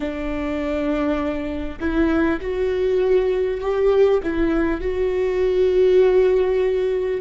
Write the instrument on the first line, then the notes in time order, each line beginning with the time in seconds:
viola
0.00 D4
1.80 E4
2.41 F#4
3.60 G4
4.23 E4
4.80 F#4